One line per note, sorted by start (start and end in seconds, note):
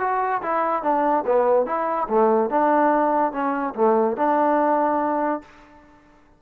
0.00 0.42 F#4
0.42 0.83 E4
0.83 1.24 D4
1.26 1.66 B3
1.66 2.08 E4
2.09 2.50 A3
2.50 3.32 D4
3.32 3.74 C#4
3.75 4.17 A3
4.17 5.42 D4